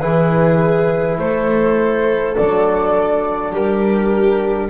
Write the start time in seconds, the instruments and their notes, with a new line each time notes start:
0.00 double bass E3, trombone E4, viola G#4, flute B4
1.18 double bass A3, viola A4, flute C5
2.36 double bass F#3, trombone D4, flute D5
3.51 double bass G3, viola G4, flute A#4